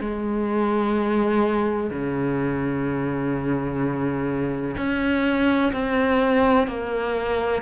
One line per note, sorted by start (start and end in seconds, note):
0.00 1.90 G#3
1.90 4.75 C#3
4.77 5.72 C#4
5.72 6.67 C4
6.67 7.62 A#3